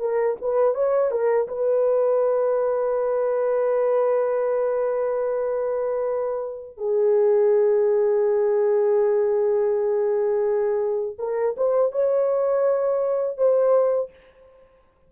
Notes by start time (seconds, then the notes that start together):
0.00 A#4
0.42 B4
0.75 C#5
1.11 A#4
1.48 B4
6.78 G#4
11.19 A#4
11.57 C5
11.92 C#5
13.38 C5